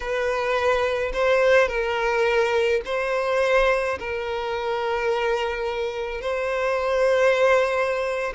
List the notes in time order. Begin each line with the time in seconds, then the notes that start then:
0.00 B4
1.13 C5
1.68 A#4
2.85 C5
3.99 A#4
6.21 C5